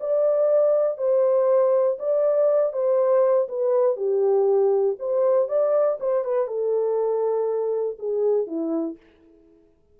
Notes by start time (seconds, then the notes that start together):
0.00 D5
0.97 C5
1.99 D5
2.73 C5
3.48 B4
3.96 G4
4.99 C5
5.48 D5
6.00 C5
6.24 B4
6.47 A4
7.99 G#4
8.46 E4